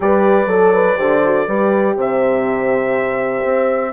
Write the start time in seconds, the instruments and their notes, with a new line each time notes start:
0.00 bassoon G3, horn G4 B4, trumpet D5
0.46 bassoon F#3, horn A4
0.73 horn B4
0.96 bassoon D3, horn G4 C5
1.25 horn F#4
1.46 bassoon G3, horn G4 B4
1.95 bassoon C3, horn C5, trumpet E5
3.44 bassoon C4